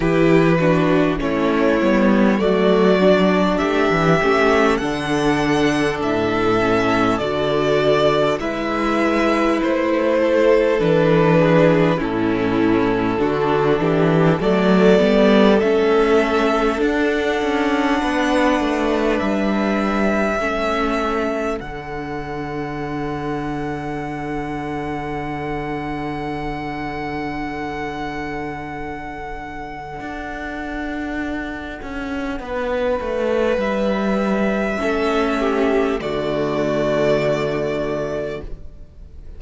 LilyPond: <<
  \new Staff \with { instrumentName = "violin" } { \time 4/4 \tempo 4 = 50 b'4 cis''4 d''4 e''4 | fis''4 e''4 d''4 e''4 | c''4 b'4 a'2 | d''4 e''4 fis''2 |
e''2 fis''2~ | fis''1~ | fis''1 | e''2 d''2 | }
  \new Staff \with { instrumentName = "violin" } { \time 4/4 g'8 fis'8 e'4 fis'4 g'4 | a'2. b'4~ | b'8 a'4 gis'8 e'4 fis'8 g'8 | a'2. b'4~ |
b'4 a'2.~ | a'1~ | a'2. b'4~ | b'4 a'8 g'8 fis'2 | }
  \new Staff \with { instrumentName = "viola" } { \time 4/4 e'8 d'8 cis'8 b8 a8 d'4 cis'8 | d'4. cis'8 fis'4 e'4~ | e'4 d'4 cis'4 d'4 | a8 b8 cis'4 d'2~ |
d'4 cis'4 d'2~ | d'1~ | d'1~ | d'4 cis'4 a2 | }
  \new Staff \with { instrumentName = "cello" } { \time 4/4 e4 a8 g8 fis4 a16 e16 a8 | d4 a,4 d4 gis4 | a4 e4 a,4 d8 e8 | fis8 g8 a4 d'8 cis'8 b8 a8 |
g4 a4 d2~ | d1~ | d4 d'4. cis'8 b8 a8 | g4 a4 d2 | }
>>